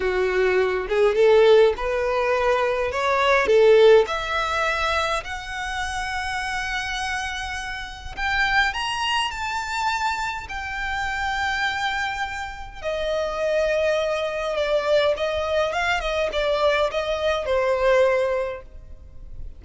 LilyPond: \new Staff \with { instrumentName = "violin" } { \time 4/4 \tempo 4 = 103 fis'4. gis'8 a'4 b'4~ | b'4 cis''4 a'4 e''4~ | e''4 fis''2.~ | fis''2 g''4 ais''4 |
a''2 g''2~ | g''2 dis''2~ | dis''4 d''4 dis''4 f''8 dis''8 | d''4 dis''4 c''2 | }